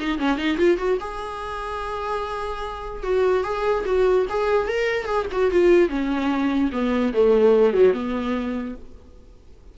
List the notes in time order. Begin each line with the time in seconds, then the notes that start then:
0.00 D#4
0.19 C#4
0.38 D#4
0.58 F4
0.78 F#4
1.01 G#4
3.03 F#4
3.44 G#4
3.86 F#4
4.30 G#4
4.68 A#4
5.05 G#4
5.32 F#4
5.51 F4
5.89 C#4
6.72 B3
7.14 A3
7.73 F#3
7.93 B3